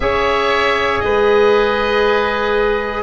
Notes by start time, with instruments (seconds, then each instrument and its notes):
0.00 tuba C#4, trombone G#4, oboe C#5 E5
1.00 tuba G#3, oboe B4 D#5